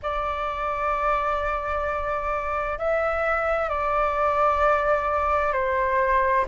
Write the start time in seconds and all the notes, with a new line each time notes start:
0.02 D5
2.78 E5
3.69 D5
5.52 C5